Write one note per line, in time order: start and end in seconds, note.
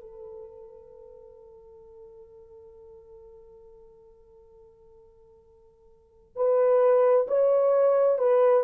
0.00 6.36 A4
6.36 7.27 B4
7.27 8.18 C#5
8.18 8.63 B4